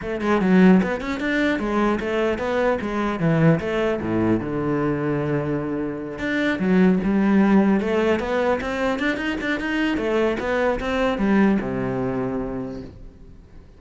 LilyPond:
\new Staff \with { instrumentName = "cello" } { \time 4/4 \tempo 4 = 150 a8 gis8 fis4 b8 cis'8 d'4 | gis4 a4 b4 gis4 | e4 a4 a,4 d4~ | d2.~ d8 d'8~ |
d'8 fis4 g2 a8~ | a8 b4 c'4 d'8 dis'8 d'8 | dis'4 a4 b4 c'4 | g4 c2. | }